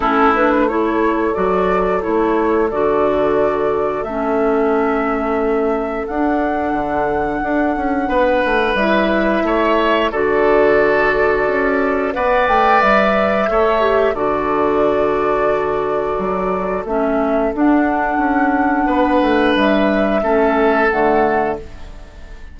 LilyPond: <<
  \new Staff \with { instrumentName = "flute" } { \time 4/4 \tempo 4 = 89 a'8 b'8 cis''4 d''4 cis''4 | d''2 e''2~ | e''4 fis''2.~ | fis''4 e''2 d''4~ |
d''2 fis''8 g''8 e''4~ | e''4 d''2.~ | d''4 e''4 fis''2~ | fis''4 e''2 fis''4 | }
  \new Staff \with { instrumentName = "oboe" } { \time 4/4 e'4 a'2.~ | a'1~ | a'1 | b'2 cis''4 a'4~ |
a'2 d''2 | cis''4 a'2.~ | a'1 | b'2 a'2 | }
  \new Staff \with { instrumentName = "clarinet" } { \time 4/4 cis'8 d'8 e'4 fis'4 e'4 | fis'2 cis'2~ | cis'4 d'2.~ | d'4 e'2 fis'4~ |
fis'2 b'2 | a'8 g'8 fis'2.~ | fis'4 cis'4 d'2~ | d'2 cis'4 a4 | }
  \new Staff \with { instrumentName = "bassoon" } { \time 4/4 a2 fis4 a4 | d2 a2~ | a4 d'4 d4 d'8 cis'8 | b8 a8 g4 a4 d4~ |
d4 cis'4 b8 a8 g4 | a4 d2. | fis4 a4 d'4 cis'4 | b8 a8 g4 a4 d4 | }
>>